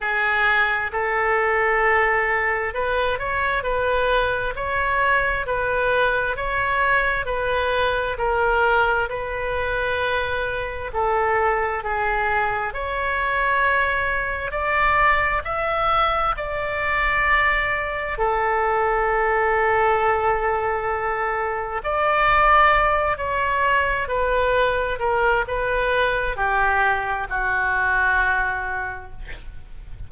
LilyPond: \new Staff \with { instrumentName = "oboe" } { \time 4/4 \tempo 4 = 66 gis'4 a'2 b'8 cis''8 | b'4 cis''4 b'4 cis''4 | b'4 ais'4 b'2 | a'4 gis'4 cis''2 |
d''4 e''4 d''2 | a'1 | d''4. cis''4 b'4 ais'8 | b'4 g'4 fis'2 | }